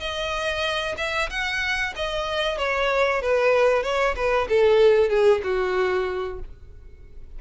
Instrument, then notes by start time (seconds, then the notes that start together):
violin
0.00 D#5
0.97 E5
1.30 F#5
1.96 D#5
2.58 C#5
3.22 B4
3.83 C#5
4.16 B4
4.49 A4
5.09 G#4
5.44 F#4